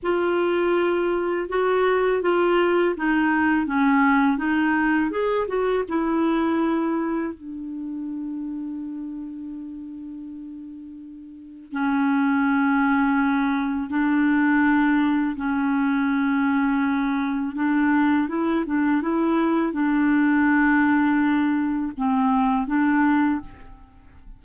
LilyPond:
\new Staff \with { instrumentName = "clarinet" } { \time 4/4 \tempo 4 = 82 f'2 fis'4 f'4 | dis'4 cis'4 dis'4 gis'8 fis'8 | e'2 d'2~ | d'1 |
cis'2. d'4~ | d'4 cis'2. | d'4 e'8 d'8 e'4 d'4~ | d'2 c'4 d'4 | }